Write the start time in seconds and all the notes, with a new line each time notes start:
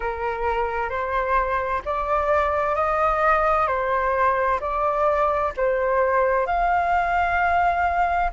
0.00 A#4
0.89 C5
1.85 D5
2.75 D#5
3.67 C5
4.60 D5
5.56 C5
6.46 F5